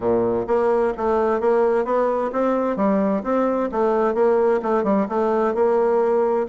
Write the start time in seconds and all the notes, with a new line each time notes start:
0.00 A#2
0.47 A#3
0.97 A3
1.40 A#3
1.84 B3
2.32 C4
2.76 G3
3.23 C4
3.71 A3
4.14 A#3
4.62 A3
4.83 G3
5.08 A3
5.54 A#3